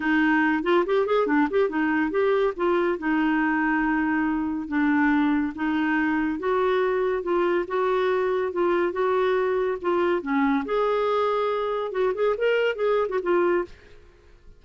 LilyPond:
\new Staff \with { instrumentName = "clarinet" } { \time 4/4 \tempo 4 = 141 dis'4. f'8 g'8 gis'8 d'8 g'8 | dis'4 g'4 f'4 dis'4~ | dis'2. d'4~ | d'4 dis'2 fis'4~ |
fis'4 f'4 fis'2 | f'4 fis'2 f'4 | cis'4 gis'2. | fis'8 gis'8 ais'4 gis'8. fis'16 f'4 | }